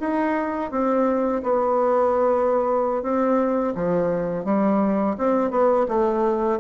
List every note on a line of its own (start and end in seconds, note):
0.00 0.71 D#4
0.71 1.43 C4
1.43 3.03 B3
3.03 3.74 C4
3.75 4.45 F3
4.45 5.16 G3
5.18 5.51 C4
5.51 5.86 B3
5.89 6.60 A3